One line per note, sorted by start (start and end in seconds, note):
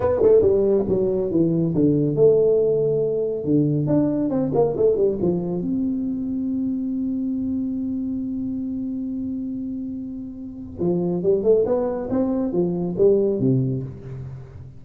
0.00 0.21 B3
0.22 0.41 A3
0.41 0.85 G3
0.88 1.30 F#3
1.30 1.73 E3
1.74 2.15 D3
2.15 3.44 A3
3.44 3.87 D3
3.87 4.30 D4
4.30 4.51 C4
4.54 4.76 A#3
4.76 4.96 A3
4.96 5.18 G3
5.21 5.61 F3
5.61 10.79 C4
10.79 11.22 F3
11.22 11.43 G3
11.43 11.64 A3
11.65 12.08 B3
12.09 12.52 C4
12.52 12.95 F3
12.97 13.39 G3
13.39 13.82 C3